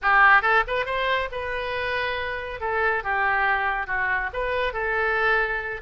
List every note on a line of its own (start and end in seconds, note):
0.02 0.42 G4
0.42 0.63 A4
0.67 0.85 B4
0.85 1.28 C5
1.31 2.60 B4
2.60 3.03 A4
3.03 3.86 G4
3.86 4.29 F#4
4.33 4.73 B4
4.73 5.81 A4